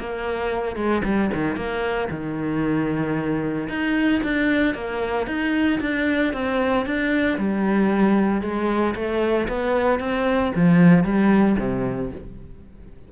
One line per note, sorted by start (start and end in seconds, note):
0.00 0.76 A#3
0.76 1.03 G#3
1.04 1.31 G3
1.34 1.56 D#3
1.56 2.09 A#3
2.11 3.69 D#3
3.69 4.22 D#4
4.23 4.75 D4
4.75 5.27 A#3
5.27 5.80 D#4
5.81 6.33 D4
6.34 6.86 C4
6.86 7.38 D4
7.38 8.42 G3
8.42 8.95 G#3
8.95 9.48 A3
9.48 10.00 B3
10.00 10.53 C4
10.56 11.04 F3
11.04 11.57 G3
11.59 12.12 C3